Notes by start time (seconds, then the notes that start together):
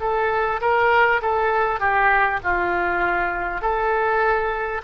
0.00 A4
0.61 A#4
1.22 A4
1.79 G4
2.43 F4
3.61 A4